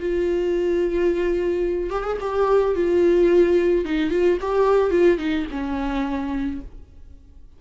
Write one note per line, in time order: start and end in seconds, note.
0.00 1.90 F4
1.90 2.04 G4
2.04 2.18 G#4
2.21 2.75 G4
2.75 3.85 F4
3.85 4.11 D#4
4.11 4.38 F4
4.41 4.91 G4
4.91 5.18 F4
5.19 5.46 D#4
5.51 6.61 C#4